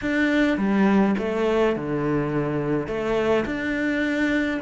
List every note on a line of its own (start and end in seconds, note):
0.01 0.57 D4
0.57 1.15 G3
1.18 1.75 A3
1.75 2.87 D3
2.87 3.45 A3
3.45 4.60 D4